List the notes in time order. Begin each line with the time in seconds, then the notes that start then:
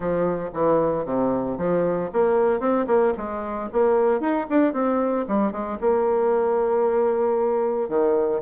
0.00 F3
0.53 E3
1.05 C3
1.57 F3
2.12 A#3
2.59 C4
2.87 A#3
3.17 G#3
3.72 A#3
4.20 D#4
4.49 D4
4.73 C4
5.28 G3
5.51 G#3
5.81 A#3
7.88 D#3